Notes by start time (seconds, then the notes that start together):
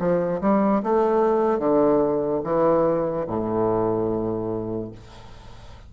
0.00 F3
0.41 G3
0.84 A3
1.60 D3
2.44 E3
3.28 A2